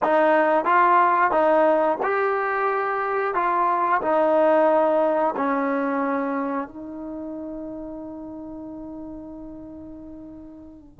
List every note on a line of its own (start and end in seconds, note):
0.02 0.65 D#4
0.65 1.31 F4
1.31 1.98 D#4
2.02 3.34 G4
3.34 4.01 F4
4.01 5.35 D#4
5.36 6.68 C#4
6.68 11.00 D#4